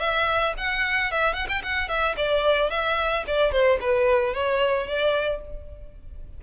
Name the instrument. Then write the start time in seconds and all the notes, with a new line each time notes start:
violin
0.00 E5
0.57 F#5
1.12 E5
1.34 F#5
1.49 G5
1.63 F#5
1.88 E5
2.17 D5
2.71 E5
3.27 D5
3.52 C5
3.81 B4
4.34 C#5
4.87 D5